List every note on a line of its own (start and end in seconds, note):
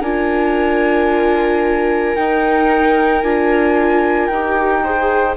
0.00 2.15 D4
0.00 2.16 F4
0.00 4.82 A#4
0.00 2.16 G#5
2.16 3.23 D#4
2.16 3.22 G5
3.22 4.29 D4
3.22 4.31 F4
3.22 4.27 G#5
4.27 5.37 D#4
4.27 5.34 G5
4.33 4.85 G4
4.83 5.37 G#4
4.83 5.37 C5